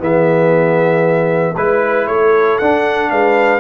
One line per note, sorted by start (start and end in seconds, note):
0.00 1.55 E3
0.00 1.55 B3
0.00 1.55 G#4
0.00 1.57 E5
1.55 2.07 G#3
1.55 2.61 E4
1.55 2.07 B4
2.07 2.59 A3
2.07 3.11 A4
2.07 2.59 C#5
2.59 3.60 D4
2.59 3.12 D4
2.59 3.10 F#5
3.11 3.60 G#3
3.11 3.60 B4
3.11 3.60 F5